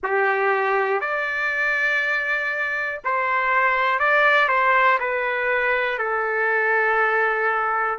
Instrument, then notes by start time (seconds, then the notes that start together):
trumpet
0.03 G4
1.00 D5
3.04 C5
3.99 D5
4.48 C5
5.00 B4
5.98 A4